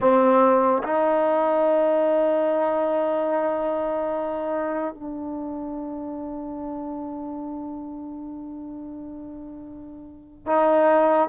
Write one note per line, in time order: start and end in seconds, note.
0.00 0.83 C4
0.83 4.94 D#4
4.94 10.46 D4
10.46 11.28 D#4